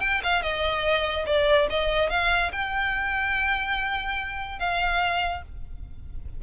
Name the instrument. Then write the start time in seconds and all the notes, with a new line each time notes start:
violin
0.00 G5
0.23 F5
0.42 D#5
1.26 D5
1.70 D#5
2.09 F5
2.52 G5
4.59 F5